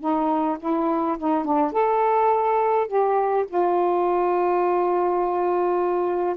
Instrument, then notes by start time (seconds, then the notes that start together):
saxophone
0.00 D#4
0.60 E4
1.19 D#4
1.45 D4
1.72 A4
2.88 G4
3.48 F4